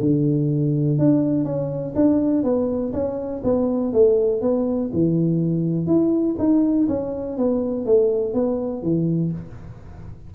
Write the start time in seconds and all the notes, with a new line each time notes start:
0.00 D3
0.98 D4
1.44 C#4
1.95 D4
2.43 B3
2.93 C#4
3.43 B3
3.93 A3
4.41 B3
4.93 E3
5.86 E4
6.38 D#4
6.88 C#4
7.37 B3
7.85 A3
8.34 B3
8.82 E3